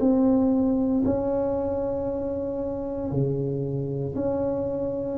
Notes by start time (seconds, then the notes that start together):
0.00 C4
1.05 C#4
3.11 C#3
4.15 C#4